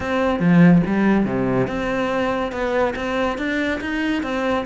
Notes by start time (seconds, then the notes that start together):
0.00 C4
0.39 F3
0.86 G3
1.25 C3
1.67 C4
2.51 B3
2.95 C4
3.37 D4
3.80 D#4
4.22 C4